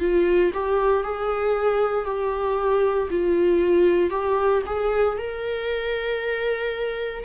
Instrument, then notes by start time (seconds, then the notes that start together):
viola
0.00 F4
0.54 G4
1.03 G#4
2.05 G4
3.10 F4
4.11 G4
4.66 G#4
5.18 A#4